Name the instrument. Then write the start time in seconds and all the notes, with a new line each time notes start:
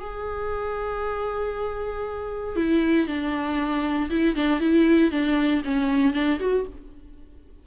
viola
0.00 G#4
2.56 E4
3.07 D4
4.10 E4
4.36 D4
4.60 E4
5.11 D4
5.65 C#4
6.14 D4
6.40 F#4